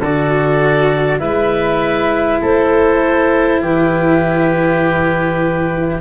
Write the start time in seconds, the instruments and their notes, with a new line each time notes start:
0.00 tuba D3, cello F#4, oboe A4, clarinet D5
1.19 tuba G#3, cello E4, oboe B4, clarinet E5
2.41 tuba A3, oboe A4, clarinet C5
3.61 tuba E3, oboe G4, clarinet B4